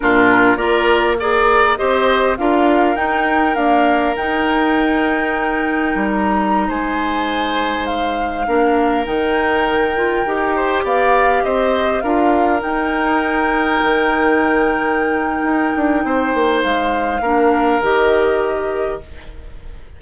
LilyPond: <<
  \new Staff \with { instrumentName = "flute" } { \time 4/4 \tempo 4 = 101 ais'4 d''4 ais'4 dis''4 | f''4 g''4 f''4 g''4~ | g''2~ g''16 ais''4 gis''8.~ | gis''4~ gis''16 f''2 g''8.~ |
g''2~ g''16 f''4 dis''8.~ | dis''16 f''4 g''2~ g''8.~ | g''1 | f''2 dis''2 | }
  \new Staff \with { instrumentName = "oboe" } { \time 4/4 f'4 ais'4 d''4 c''4 | ais'1~ | ais'2.~ ais'16 c''8.~ | c''2~ c''16 ais'4.~ ais'16~ |
ais'4.~ ais'16 c''8 d''4 c''8.~ | c''16 ais'2.~ ais'8.~ | ais'2. c''4~ | c''4 ais'2. | }
  \new Staff \with { instrumentName = "clarinet" } { \time 4/4 d'4 f'4 gis'4 g'4 | f'4 dis'4 ais4 dis'4~ | dis'1~ | dis'2~ dis'16 d'4 dis'8.~ |
dis'8. f'8 g'2~ g'8.~ | g'16 f'4 dis'2~ dis'8.~ | dis'1~ | dis'4 d'4 g'2 | }
  \new Staff \with { instrumentName = "bassoon" } { \time 4/4 ais,4 ais2 c'4 | d'4 dis'4 d'4 dis'4~ | dis'2 g4~ g16 gis8.~ | gis2~ gis16 ais4 dis8.~ |
dis4~ dis16 dis'4 b4 c'8.~ | c'16 d'4 dis'2 dis8.~ | dis2 dis'8 d'8 c'8 ais8 | gis4 ais4 dis2 | }
>>